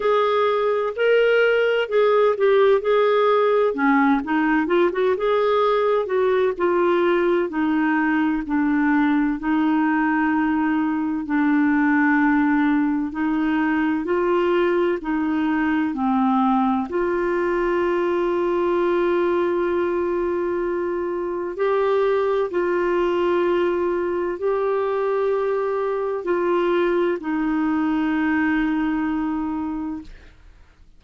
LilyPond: \new Staff \with { instrumentName = "clarinet" } { \time 4/4 \tempo 4 = 64 gis'4 ais'4 gis'8 g'8 gis'4 | cis'8 dis'8 f'16 fis'16 gis'4 fis'8 f'4 | dis'4 d'4 dis'2 | d'2 dis'4 f'4 |
dis'4 c'4 f'2~ | f'2. g'4 | f'2 g'2 | f'4 dis'2. | }